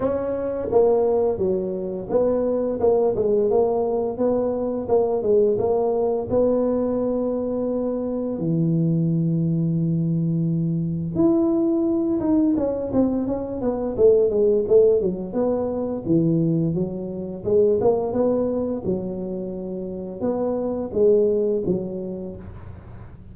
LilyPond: \new Staff \with { instrumentName = "tuba" } { \time 4/4 \tempo 4 = 86 cis'4 ais4 fis4 b4 | ais8 gis8 ais4 b4 ais8 gis8 | ais4 b2. | e1 |
e'4. dis'8 cis'8 c'8 cis'8 b8 | a8 gis8 a8 fis8 b4 e4 | fis4 gis8 ais8 b4 fis4~ | fis4 b4 gis4 fis4 | }